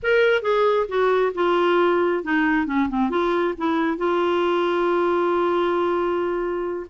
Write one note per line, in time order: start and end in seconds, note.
0.02 0.42 A#4
0.42 0.86 G#4
0.88 1.32 F#4
1.34 2.23 F4
2.23 2.66 D#4
2.66 2.88 C#4
2.89 3.09 C4
3.09 3.54 F4
3.57 3.97 E4
3.97 6.86 F4